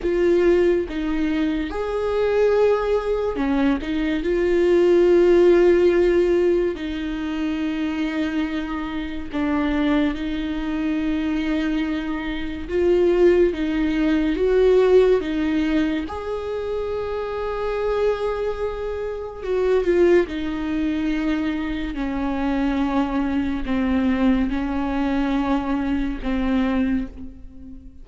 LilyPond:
\new Staff \with { instrumentName = "viola" } { \time 4/4 \tempo 4 = 71 f'4 dis'4 gis'2 | cis'8 dis'8 f'2. | dis'2. d'4 | dis'2. f'4 |
dis'4 fis'4 dis'4 gis'4~ | gis'2. fis'8 f'8 | dis'2 cis'2 | c'4 cis'2 c'4 | }